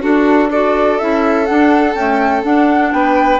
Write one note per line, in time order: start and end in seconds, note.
0.00 0.48 D4
0.00 1.01 D4
0.00 0.50 F#4
0.00 0.50 A4
0.50 1.00 F#4
0.50 2.93 A4
0.50 0.98 D5
0.98 1.49 C#4
0.98 1.46 E4
0.98 1.46 E5
1.46 1.94 D4
1.46 1.94 F#5
1.94 2.43 A3
1.94 2.43 C#4
1.94 2.43 G5
2.43 3.39 D4
2.43 2.92 D4
2.43 2.92 F#5
2.92 3.39 B3
2.92 3.39 B4
2.92 3.39 G5